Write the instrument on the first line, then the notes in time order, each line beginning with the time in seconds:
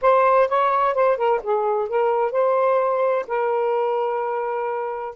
saxophone
0.01 C5
0.48 C#5
0.94 C5
1.17 A#4
1.43 G#4
1.88 A#4
2.31 C5
3.27 A#4